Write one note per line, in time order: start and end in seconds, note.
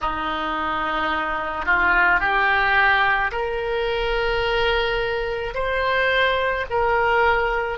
0.01 1.65 D#4
1.65 2.20 F4
2.20 3.31 G4
3.31 5.54 A#4
5.54 6.65 C5
6.69 7.78 A#4